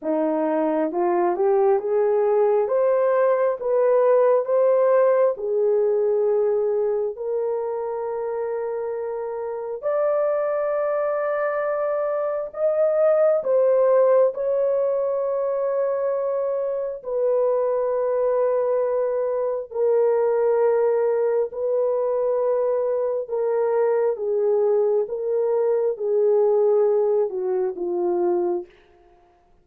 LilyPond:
\new Staff \with { instrumentName = "horn" } { \time 4/4 \tempo 4 = 67 dis'4 f'8 g'8 gis'4 c''4 | b'4 c''4 gis'2 | ais'2. d''4~ | d''2 dis''4 c''4 |
cis''2. b'4~ | b'2 ais'2 | b'2 ais'4 gis'4 | ais'4 gis'4. fis'8 f'4 | }